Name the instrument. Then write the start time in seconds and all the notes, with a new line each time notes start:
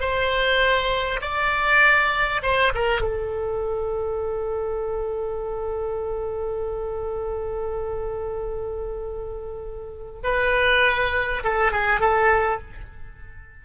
oboe
0.00 C5
1.21 D5
2.42 C5
2.75 A#4
3.01 A4
10.23 B4
11.44 A4
11.72 G#4
12.00 A4